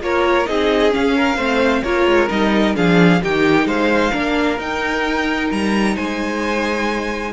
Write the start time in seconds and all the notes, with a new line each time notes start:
0.00 A#3 F4 A#4 C#5
0.46 C4 D#4 G#4 D#5
0.91 C#4 F5
1.17 A#4
1.36 A3 C4 C5
1.83 A#3 F4 A#4 C#5
2.06 G#3
2.29 G3 D#4 D#5
2.75 F3 D4 G#4 F5
3.22 D#3 D#4 G4 G5
3.65 G#3 C5 F5
4.11 A#3 D4 A#4
4.58 D#4 G5
5.51 G3 A#5
5.96 G#3 C5 G#5